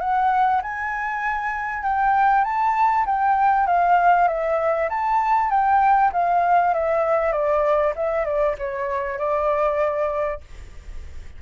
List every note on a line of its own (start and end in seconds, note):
0.00 0.61 F#5
0.62 1.83 G#5
1.83 2.44 G5
2.44 3.05 A5
3.06 3.67 G5
3.67 4.28 F5
4.28 4.89 E5
4.90 5.50 A5
5.50 6.11 G5
6.13 6.74 F5
6.74 7.32 E5
7.32 7.93 D5
7.96 8.25 E5
8.25 8.55 D5
8.58 9.18 C#5
9.18 10.41 D5